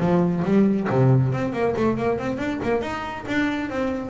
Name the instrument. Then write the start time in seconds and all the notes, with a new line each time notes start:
double bass
0.00 F3
0.44 G3
0.90 C3
1.32 C4
1.53 A#3
1.76 A3
1.98 A#3
2.19 C4
2.38 D4
2.63 A#3
2.82 D#4
3.27 D4
3.70 C4